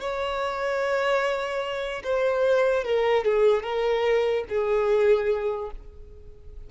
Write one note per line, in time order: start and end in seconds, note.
0.00 2.03 C#5
2.04 2.84 C5
2.84 3.25 A#4
3.25 3.63 G#4
3.63 4.44 A#4
4.49 5.71 G#4